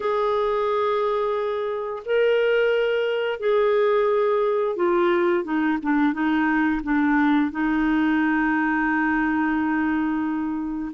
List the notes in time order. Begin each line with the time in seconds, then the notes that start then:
0.00 G#4
2.05 A#4
3.39 G#4
4.76 F4
5.44 D#4
5.82 D4
6.13 D#4
6.83 D4
7.51 D#4